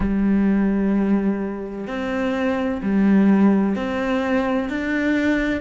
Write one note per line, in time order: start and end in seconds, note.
0.00 1.87 G3
1.87 2.81 C4
2.82 3.75 G3
3.75 4.69 C4
4.69 5.61 D4